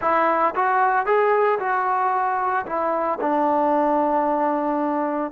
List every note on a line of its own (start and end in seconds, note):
0.01 0.54 E4
0.55 1.05 F#4
1.05 1.59 G#4
1.59 2.65 F#4
2.65 3.19 E4
3.20 5.31 D4